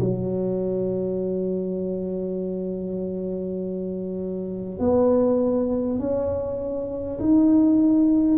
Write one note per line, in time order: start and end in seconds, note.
0.00 4.79 F#3
4.79 5.99 B3
5.99 7.19 C#4
7.19 8.38 D#4